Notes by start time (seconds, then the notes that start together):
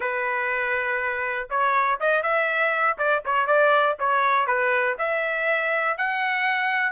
0.00 B4
1.49 C#5
2.00 D#5
2.22 E5
2.98 D5
3.25 C#5
3.46 D5
3.99 C#5
4.46 B4
4.98 E5
5.97 F#5